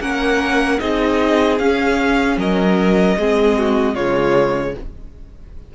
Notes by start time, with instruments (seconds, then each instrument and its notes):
0.00 cello A#3, viola C#4, violin A#4 F#5
0.79 cello C4, viola D#4, violin G#4 D#5
1.58 cello C#4, viola C#4, violin F5
2.36 cello F#3, violin A#4 D#5
3.16 cello G#3, viola C4, violin G#4
3.58 violin F#4
3.94 cello C#3, viola G#3, violin F4 C#5